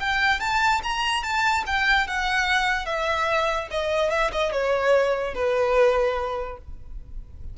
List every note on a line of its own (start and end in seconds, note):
0.00 0.40 G5
0.40 0.81 A5
0.83 1.23 A#5
1.23 1.64 A5
1.66 2.07 G5
2.07 2.86 F#5
2.86 3.68 E5
3.71 4.10 D#5
4.10 4.31 E5
4.32 4.52 D#5
4.52 5.34 C#5
5.34 6.58 B4